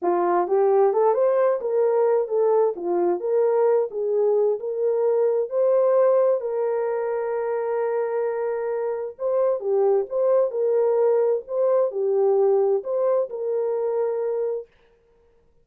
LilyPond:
\new Staff \with { instrumentName = "horn" } { \time 4/4 \tempo 4 = 131 f'4 g'4 a'8 c''4 ais'8~ | ais'4 a'4 f'4 ais'4~ | ais'8 gis'4. ais'2 | c''2 ais'2~ |
ais'1 | c''4 g'4 c''4 ais'4~ | ais'4 c''4 g'2 | c''4 ais'2. | }